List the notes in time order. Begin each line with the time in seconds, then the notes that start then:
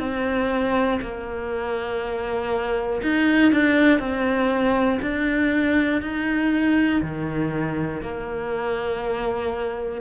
0.00 C4
1.02 A#3
3.03 D#4
3.53 D4
4.00 C4
5.02 D4
6.02 D#4
7.02 D#3
8.02 A#3